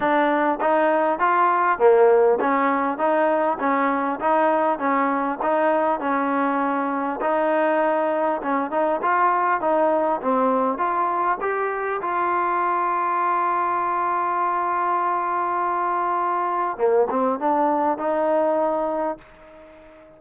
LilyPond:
\new Staff \with { instrumentName = "trombone" } { \time 4/4 \tempo 4 = 100 d'4 dis'4 f'4 ais4 | cis'4 dis'4 cis'4 dis'4 | cis'4 dis'4 cis'2 | dis'2 cis'8 dis'8 f'4 |
dis'4 c'4 f'4 g'4 | f'1~ | f'1 | ais8 c'8 d'4 dis'2 | }